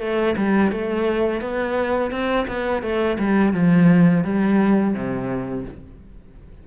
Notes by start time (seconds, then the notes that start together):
0.00 A3
0.37 G3
0.72 A3
1.41 B3
2.11 C4
2.48 B3
2.82 A3
3.19 G3
3.54 F3
4.24 G3
4.94 C3